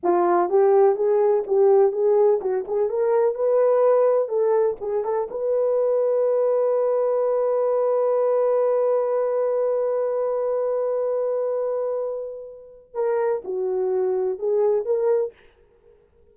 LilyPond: \new Staff \with { instrumentName = "horn" } { \time 4/4 \tempo 4 = 125 f'4 g'4 gis'4 g'4 | gis'4 fis'8 gis'8 ais'4 b'4~ | b'4 a'4 gis'8 a'8 b'4~ | b'1~ |
b'1~ | b'1~ | b'2. ais'4 | fis'2 gis'4 ais'4 | }